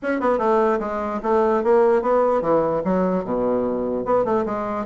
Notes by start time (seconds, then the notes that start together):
0.02 C#4
0.20 B3
0.38 A3
0.79 G#3
1.23 A3
1.63 A#3
2.01 B3
2.41 E3
2.84 F#3
3.24 B2
4.05 B3
4.24 A3
4.45 G#3